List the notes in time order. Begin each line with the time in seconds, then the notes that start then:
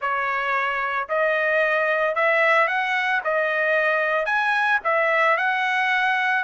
0.01 C#5
1.08 D#5
2.15 E5
2.67 F#5
3.24 D#5
4.25 G#5
4.84 E5
5.37 F#5